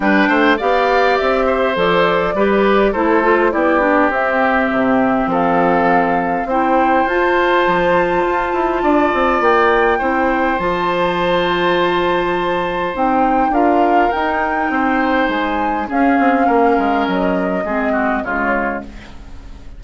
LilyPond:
<<
  \new Staff \with { instrumentName = "flute" } { \time 4/4 \tempo 4 = 102 g''4 f''4 e''4 d''4~ | d''4 c''4 d''4 e''4~ | e''4 f''2 g''4 | a''1 |
g''2 a''2~ | a''2 g''4 f''4 | g''2 gis''4 f''4~ | f''4 dis''2 cis''4 | }
  \new Staff \with { instrumentName = "oboe" } { \time 4/4 b'8 c''8 d''4. c''4. | b'4 a'4 g'2~ | g'4 a'2 c''4~ | c''2. d''4~ |
d''4 c''2.~ | c''2. ais'4~ | ais'4 c''2 gis'4 | ais'2 gis'8 fis'8 f'4 | }
  \new Staff \with { instrumentName = "clarinet" } { \time 4/4 d'4 g'2 a'4 | g'4 e'8 f'8 e'8 d'8 c'4~ | c'2. e'4 | f'1~ |
f'4 e'4 f'2~ | f'2 dis'4 f'4 | dis'2. cis'4~ | cis'2 c'4 gis4 | }
  \new Staff \with { instrumentName = "bassoon" } { \time 4/4 g8 a8 b4 c'4 f4 | g4 a4 b4 c'4 | c4 f2 c'4 | f'4 f4 f'8 e'8 d'8 c'8 |
ais4 c'4 f2~ | f2 c'4 d'4 | dis'4 c'4 gis4 cis'8 c'8 | ais8 gis8 fis4 gis4 cis4 | }
>>